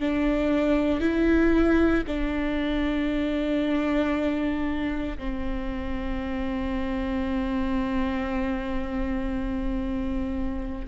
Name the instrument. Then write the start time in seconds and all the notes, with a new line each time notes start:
viola
0.00 D4
1.00 E4
2.07 D4
5.18 C4